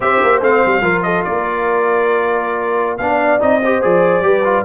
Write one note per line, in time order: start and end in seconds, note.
0.00 0.21 C4
0.00 0.41 G4
0.00 0.82 C5
0.00 0.42 E5
0.22 0.41 A#3
0.41 0.61 A3
0.41 0.81 C4
0.41 1.02 F5
0.65 0.81 G3
0.81 1.23 F3
0.81 2.98 F4
0.81 1.03 A#4
1.02 1.25 A4
1.02 1.22 D#5
1.24 2.99 A#3
1.24 3.01 A#4
1.24 2.97 D5
2.97 3.40 B3
2.97 3.39 D4
2.97 3.63 D5
2.97 3.39 F5
3.39 3.83 C4
3.39 3.60 D#4
3.39 3.82 D#5
3.63 3.81 G4
3.63 4.24 C5
3.81 4.20 F3
3.81 4.22 G#4
3.81 4.65 D5
4.20 4.62 G3
4.20 4.43 G4
4.20 4.65 B4
4.44 4.65 F4